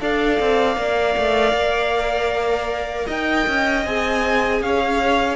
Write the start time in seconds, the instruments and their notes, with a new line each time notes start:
0.00 cello D4, viola A4, violin D5 F5
0.39 cello C4
0.75 cello A#3, viola A#4
1.17 cello A3
1.52 cello A#3
3.06 cello D#4, violin D#5 G5
3.47 cello C#4
3.85 cello C4, viola G#4, violin G#5
4.61 cello C#4, violin C#5 F5